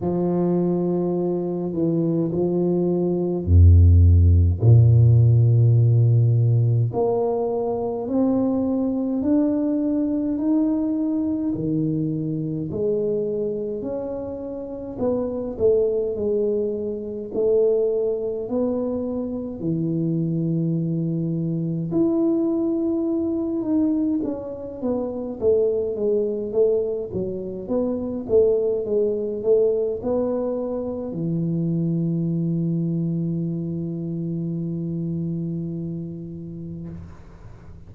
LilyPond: \new Staff \with { instrumentName = "tuba" } { \time 4/4 \tempo 4 = 52 f4. e8 f4 f,4 | ais,2 ais4 c'4 | d'4 dis'4 dis4 gis4 | cis'4 b8 a8 gis4 a4 |
b4 e2 e'4~ | e'8 dis'8 cis'8 b8 a8 gis8 a8 fis8 | b8 a8 gis8 a8 b4 e4~ | e1 | }